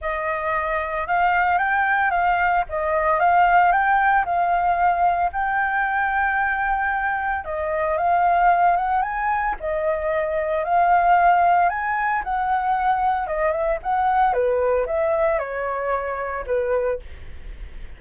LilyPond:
\new Staff \with { instrumentName = "flute" } { \time 4/4 \tempo 4 = 113 dis''2 f''4 g''4 | f''4 dis''4 f''4 g''4 | f''2 g''2~ | g''2 dis''4 f''4~ |
f''8 fis''8 gis''4 dis''2 | f''2 gis''4 fis''4~ | fis''4 dis''8 e''8 fis''4 b'4 | e''4 cis''2 b'4 | }